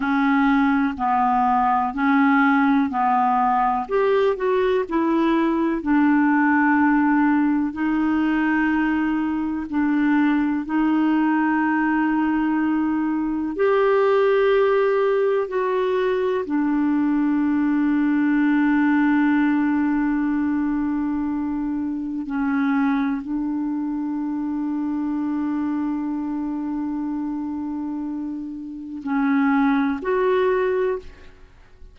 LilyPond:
\new Staff \with { instrumentName = "clarinet" } { \time 4/4 \tempo 4 = 62 cis'4 b4 cis'4 b4 | g'8 fis'8 e'4 d'2 | dis'2 d'4 dis'4~ | dis'2 g'2 |
fis'4 d'2.~ | d'2. cis'4 | d'1~ | d'2 cis'4 fis'4 | }